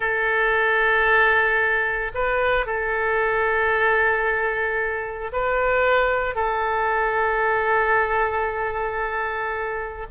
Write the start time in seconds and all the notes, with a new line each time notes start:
0.00 A4
2.14 B4
2.66 A4
5.32 B4
6.35 A4